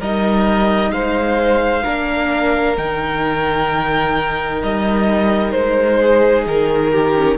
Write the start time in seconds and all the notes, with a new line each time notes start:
0.00 G3 D#4 A#4 D#5
0.91 G#3 C5 F5
1.84 A#3 D4 A#4
2.78 D#3 D#4 G5
4.63 G3 D#5
5.52 G#3 C5
6.02 G#4
6.47 D#3 A#4
6.93 G4
7.16 C#4